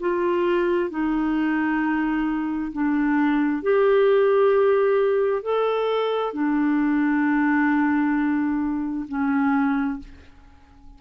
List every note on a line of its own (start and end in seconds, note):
0.00 0.90 F4
0.90 2.72 D#4
2.73 3.63 D4
3.63 5.43 G4
5.43 6.33 A4
6.33 9.06 D4
9.09 10.00 C#4